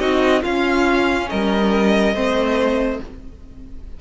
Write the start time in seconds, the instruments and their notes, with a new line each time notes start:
0.00 cello C4, viola D#4, violin F#4 D#5
0.43 cello C#4, viola C#4, violin F4 F5
1.30 cello G3, violin A#4 D#5
2.14 cello A3, viola C4, violin C5